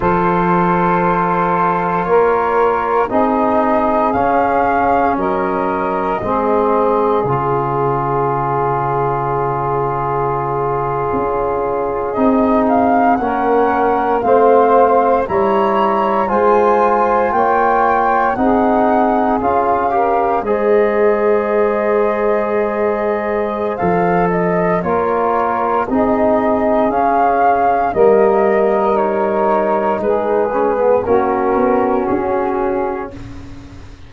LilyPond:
<<
  \new Staff \with { instrumentName = "flute" } { \time 4/4 \tempo 4 = 58 c''2 cis''4 dis''4 | f''4 dis''2 cis''4~ | cis''2.~ cis''8. dis''16~ | dis''16 f''8 fis''4 f''4 ais''4 gis''16~ |
gis''8. g''4 fis''4 f''4 dis''16~ | dis''2. f''8 dis''8 | cis''4 dis''4 f''4 dis''4 | cis''4 b'4 ais'4 gis'4 | }
  \new Staff \with { instrumentName = "saxophone" } { \time 4/4 a'2 ais'4 gis'4~ | gis'4 ais'4 gis'2~ | gis'1~ | gis'8. ais'4 c''4 cis''4 c''16~ |
c''8. cis''4 gis'4. ais'8 c''16~ | c''1 | ais'4 gis'2 ais'4~ | ais'4 gis'4 fis'2 | }
  \new Staff \with { instrumentName = "trombone" } { \time 4/4 f'2. dis'4 | cis'2 c'4 f'4~ | f'2.~ f'8. dis'16~ | dis'8. cis'4 c'4 e'4 f'16~ |
f'4.~ f'16 dis'4 f'8 g'8 gis'16~ | gis'2. a'4 | f'4 dis'4 cis'4 ais4 | dis'4. cis'16 b16 cis'2 | }
  \new Staff \with { instrumentName = "tuba" } { \time 4/4 f2 ais4 c'4 | cis'4 fis4 gis4 cis4~ | cis2~ cis8. cis'4 c'16~ | c'8. ais4 a4 g4 gis16~ |
gis8. ais4 c'4 cis'4 gis16~ | gis2. f4 | ais4 c'4 cis'4 g4~ | g4 gis4 ais8 b8 cis'4 | }
>>